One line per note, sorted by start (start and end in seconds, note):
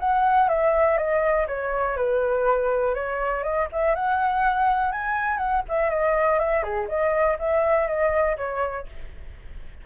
0.00 0.49 F#5
0.49 0.98 E5
0.98 1.47 D#5
1.48 1.97 C#5
1.97 2.95 B4
2.95 3.44 C#5
3.44 3.68 D#5
3.72 3.95 E5
3.95 4.92 F#5
4.92 5.38 G#5
5.38 5.62 F#5
5.69 5.90 E5
5.90 6.39 D#5
6.39 6.63 E5
6.63 6.88 G#4
6.89 7.38 D#5
7.39 7.88 E5
7.88 8.37 D#5
8.37 8.87 C#5